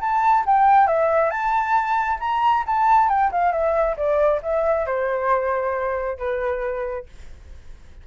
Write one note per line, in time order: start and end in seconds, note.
0.00 0.44 A5
0.46 0.87 G5
0.87 1.30 E5
1.30 2.18 A5
2.19 2.64 A#5
2.66 3.09 A5
3.09 3.31 G5
3.31 3.52 F5
3.52 3.96 E5
3.96 4.41 D5
4.42 4.86 E5
4.86 6.18 C5
6.18 7.06 B4